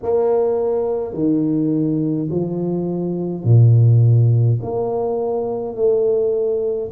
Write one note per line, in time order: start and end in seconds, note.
0.02 1.13 A#3
1.13 2.29 D#3
2.31 3.44 F3
3.44 4.59 A#2
4.62 5.75 A#3
5.75 6.90 A3